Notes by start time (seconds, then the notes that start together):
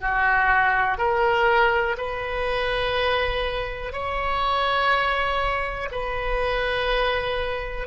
0.00 F#4
0.97 A#4
1.97 B4
3.92 C#5
5.91 B4